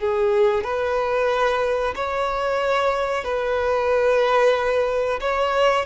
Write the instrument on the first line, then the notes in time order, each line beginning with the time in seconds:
violin
0.00 G#4
0.64 B4
1.96 C#5
3.25 B4
5.21 C#5